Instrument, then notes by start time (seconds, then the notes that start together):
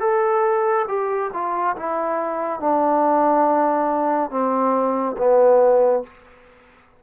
trombone
0.00 A4
0.88 G4
1.33 F4
1.76 E4
2.60 D4
4.30 C4
5.17 B3